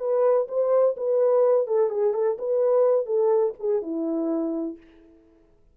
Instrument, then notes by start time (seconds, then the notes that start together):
horn
0.00 B4
0.48 C5
0.97 B4
1.68 A4
1.90 G#4
2.14 A4
2.39 B4
3.06 A4
3.60 G#4
3.82 E4